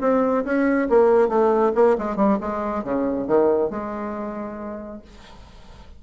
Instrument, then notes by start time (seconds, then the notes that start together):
bassoon
0.00 C4
0.44 C#4
0.89 A#3
1.28 A3
1.74 A#3
1.98 G#3
2.16 G3
2.40 G#3
2.83 C#3
3.27 D#3
3.70 G#3